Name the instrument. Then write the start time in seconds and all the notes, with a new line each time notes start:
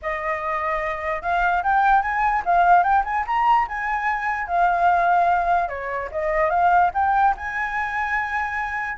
flute
0.01 D#5
1.22 F5
1.63 G5
2.02 G#5
2.45 F5
2.83 G5
3.04 G#5
3.26 A#5
3.68 G#5
4.47 F5
5.68 C#5
6.11 D#5
6.50 F5
6.94 G5
7.36 G#5